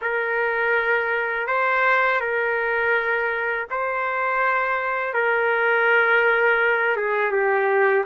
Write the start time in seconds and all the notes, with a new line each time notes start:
0.01 A#4
1.47 C5
2.20 A#4
3.70 C5
5.13 A#4
6.96 G#4
7.31 G4